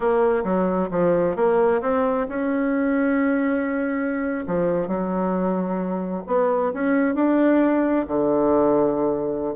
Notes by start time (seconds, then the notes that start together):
0.00 A#3
0.43 F#3
0.90 F3
1.36 A#3
1.81 C4
2.29 C#4
4.46 F3
4.87 F#3
6.26 B3
6.73 C#4
7.14 D4
8.07 D3